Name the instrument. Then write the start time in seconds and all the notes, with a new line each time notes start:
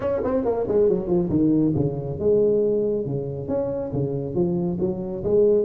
tuba
0.00 C#4
0.24 C4
0.44 A#3
0.68 G#3
0.89 F#3
1.07 F3
1.29 D#3
1.75 C#3
2.19 G#3
3.05 C#3
3.48 C#4
3.92 C#3
4.34 F3
4.80 F#3
5.24 G#3